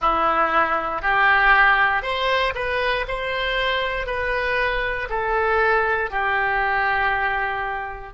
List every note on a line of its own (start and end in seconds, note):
0.00 1.02 E4
1.02 2.02 G4
2.02 2.53 C5
2.54 3.05 B4
3.07 4.06 C5
4.06 5.08 B4
5.09 6.10 A4
6.10 8.13 G4